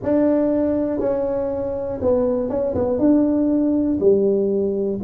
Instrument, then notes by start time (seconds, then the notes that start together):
tuba
0.03 D4
0.99 C#4
2.01 B3
2.49 C#4
2.75 B3
2.98 D4
4.00 G3